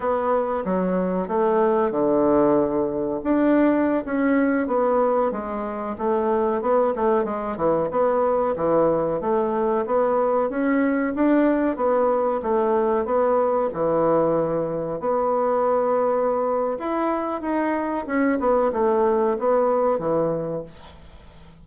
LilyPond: \new Staff \with { instrumentName = "bassoon" } { \time 4/4 \tempo 4 = 93 b4 fis4 a4 d4~ | d4 d'4~ d'16 cis'4 b8.~ | b16 gis4 a4 b8 a8 gis8 e16~ | e16 b4 e4 a4 b8.~ |
b16 cis'4 d'4 b4 a8.~ | a16 b4 e2 b8.~ | b2 e'4 dis'4 | cis'8 b8 a4 b4 e4 | }